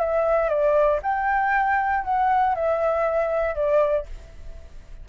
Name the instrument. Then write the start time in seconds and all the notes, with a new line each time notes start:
flute
0.00 E5
0.49 D5
1.03 G5
2.05 F#5
2.55 E5
3.55 D5